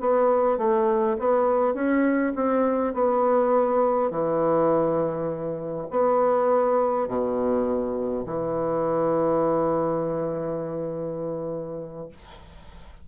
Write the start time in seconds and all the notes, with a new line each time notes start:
0.00 B3
0.57 A3
1.19 B3
1.74 C#4
2.35 C4
2.94 B3
4.11 E3
5.91 B3
7.08 B2
8.26 E3